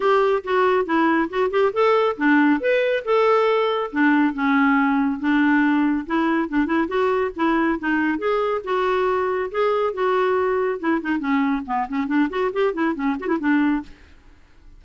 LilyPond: \new Staff \with { instrumentName = "clarinet" } { \time 4/4 \tempo 4 = 139 g'4 fis'4 e'4 fis'8 g'8 | a'4 d'4 b'4 a'4~ | a'4 d'4 cis'2 | d'2 e'4 d'8 e'8 |
fis'4 e'4 dis'4 gis'4 | fis'2 gis'4 fis'4~ | fis'4 e'8 dis'8 cis'4 b8 cis'8 | d'8 fis'8 g'8 e'8 cis'8 fis'16 e'16 d'4 | }